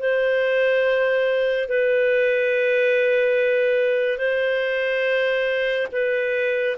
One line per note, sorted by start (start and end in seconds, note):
0.00 1.69 C5
1.69 4.19 B4
4.19 5.88 C5
5.93 6.77 B4